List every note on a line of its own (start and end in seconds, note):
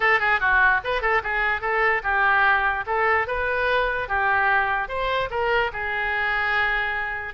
0.00 0.19 A4
0.19 0.40 G#4
0.40 0.81 F#4
0.83 1.01 B4
1.01 1.21 A4
1.23 1.61 G#4
1.61 2.02 A4
2.03 2.84 G4
2.86 3.27 A4
3.27 4.08 B4
4.08 4.88 G4
4.88 5.29 C5
5.30 5.71 A#4
5.73 7.34 G#4